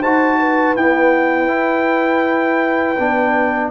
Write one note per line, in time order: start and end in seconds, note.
0.00 0.76 D#4
0.00 0.77 F#4
0.00 0.37 C5
0.00 0.76 A5
0.39 3.71 B4
0.76 1.48 B3
0.76 2.99 E4
0.76 3.71 G5
1.48 2.96 E4
2.99 3.71 B3
2.99 3.71 D4